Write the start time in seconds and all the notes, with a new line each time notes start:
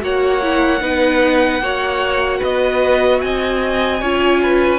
0.00 A#3 F#4 C#5 F#5
0.43 E4
0.80 B3 D#4 B4
1.61 A#3 F#4 C#5
2.38 B3 B4 D#5
3.21 C4 D#5 G#5
4.00 C#4 F4 C#5
4.43 B4